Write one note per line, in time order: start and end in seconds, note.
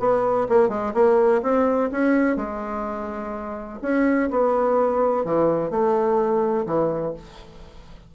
0.00 0.48 B3
0.49 0.69 A#3
0.69 0.93 G#3
0.94 1.42 A#3
1.43 1.90 C4
1.92 2.37 C#4
2.37 3.79 G#3
3.82 4.30 C#4
4.31 5.25 B3
5.25 5.71 E3
5.71 6.66 A3
6.66 7.14 E3